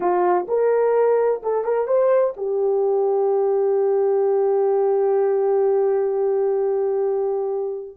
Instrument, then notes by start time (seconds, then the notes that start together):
horn
0.00 F4
0.48 A#4
1.43 A4
1.64 A#4
1.87 C5
2.37 G4